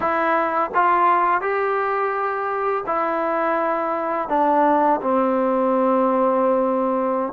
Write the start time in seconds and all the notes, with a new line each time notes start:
0.00 E4
0.74 F4
1.41 G4
2.86 E4
4.29 D4
5.01 C4